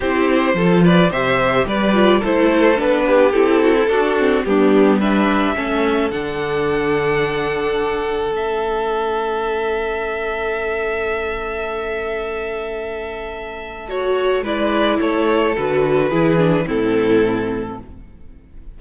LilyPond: <<
  \new Staff \with { instrumentName = "violin" } { \time 4/4 \tempo 4 = 108 c''4. d''8 e''4 d''4 | c''4 b'4 a'2 | g'4 e''2 fis''4~ | fis''2. e''4~ |
e''1~ | e''1~ | e''4 cis''4 d''4 cis''4 | b'2 a'2 | }
  \new Staff \with { instrumentName = "violin" } { \time 4/4 g'4 a'8 b'8 c''4 b'4 | a'4. g'4 fis'16 e'16 fis'4 | d'4 b'4 a'2~ | a'1~ |
a'1~ | a'1~ | a'2 b'4 a'4~ | a'4 gis'4 e'2 | }
  \new Staff \with { instrumentName = "viola" } { \time 4/4 e'4 f'4 g'4. f'8 | e'4 d'4 e'4 d'8 c'8 | b4 d'4 cis'4 d'4~ | d'2. cis'4~ |
cis'1~ | cis'1~ | cis'4 fis'4 e'2 | fis'4 e'8 d'8 c'2 | }
  \new Staff \with { instrumentName = "cello" } { \time 4/4 c'4 f4 c4 g4 | a4 b4 c'4 d'4 | g2 a4 d4~ | d2. a4~ |
a1~ | a1~ | a2 gis4 a4 | d4 e4 a,2 | }
>>